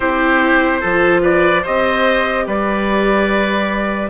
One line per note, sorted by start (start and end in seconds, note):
0.00 0.82 C4
0.00 0.82 E4
0.00 0.80 G4
0.00 1.23 C5
0.80 1.65 F3
0.80 1.65 F4
0.80 1.21 A4
1.22 1.62 B4
1.22 1.65 D5
1.62 2.47 C4
1.62 4.09 G4
1.62 2.44 C5
1.62 2.48 D#5
2.46 4.09 G3
2.46 4.09 B4
2.46 4.09 D5